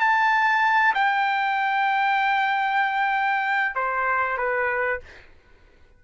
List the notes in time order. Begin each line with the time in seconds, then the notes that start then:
0.00 A5
0.94 G5
3.75 C5
4.38 B4